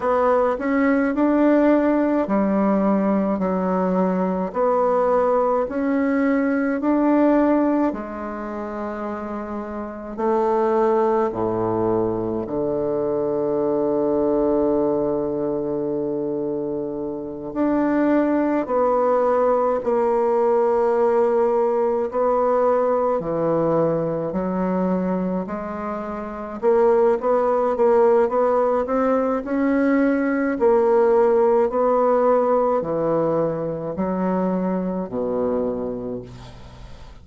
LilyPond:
\new Staff \with { instrumentName = "bassoon" } { \time 4/4 \tempo 4 = 53 b8 cis'8 d'4 g4 fis4 | b4 cis'4 d'4 gis4~ | gis4 a4 a,4 d4~ | d2.~ d8 d'8~ |
d'8 b4 ais2 b8~ | b8 e4 fis4 gis4 ais8 | b8 ais8 b8 c'8 cis'4 ais4 | b4 e4 fis4 b,4 | }